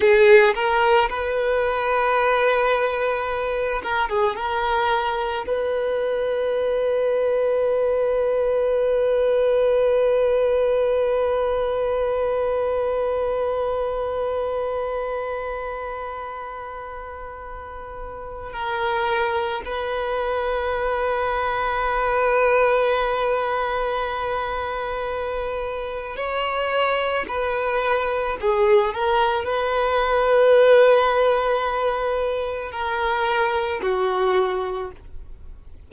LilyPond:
\new Staff \with { instrumentName = "violin" } { \time 4/4 \tempo 4 = 55 gis'8 ais'8 b'2~ b'8 ais'16 gis'16 | ais'4 b'2.~ | b'1~ | b'1~ |
b'4 ais'4 b'2~ | b'1 | cis''4 b'4 gis'8 ais'8 b'4~ | b'2 ais'4 fis'4 | }